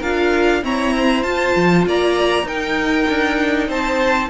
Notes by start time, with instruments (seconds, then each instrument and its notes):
0.00 cello D4, viola F4, violin A#4 F5
0.63 viola C4, cello E4, violin C#5 A#5
0.96 violin C5
1.23 viola F4, cello F4, violin A5
1.56 cello F3
1.86 cello A#3, violin D5 A#5
2.44 cello D#4, viola D#4, violin A#4 G5
3.09 cello D4
3.68 cello C4, violin C5 A5